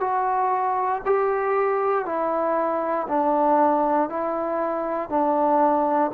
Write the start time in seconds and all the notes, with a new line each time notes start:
0.00 F#4
1.05 G4
2.05 E4
3.08 D4
4.09 E4
5.09 D4